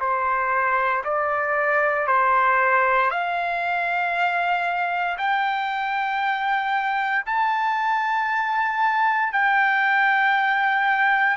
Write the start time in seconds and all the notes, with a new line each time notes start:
0.00 C5
1.04 D5
2.07 C5
3.11 F5
5.18 G5
7.26 A5
9.33 G5